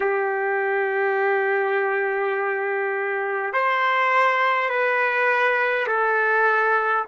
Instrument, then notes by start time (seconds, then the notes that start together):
trumpet
0.00 G4
3.53 C5
4.69 B4
5.87 A4